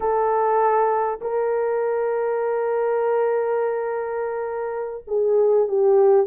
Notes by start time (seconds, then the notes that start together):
0.00 A4
1.21 A#4
5.07 G#4
5.67 G4